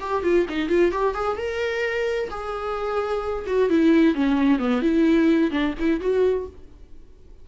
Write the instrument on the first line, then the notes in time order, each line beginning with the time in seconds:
viola
0.00 G4
0.23 F4
0.49 D#4
0.69 F4
0.91 G4
1.14 G#4
1.37 A#4
2.30 G#4
3.46 F#4
3.69 E4
4.15 C#4
4.59 B3
4.82 E4
5.51 D4
5.79 E4
6.00 F#4